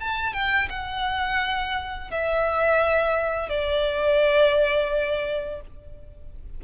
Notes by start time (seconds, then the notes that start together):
0.00 A5
0.33 G5
0.70 F#5
2.11 E5
3.49 D5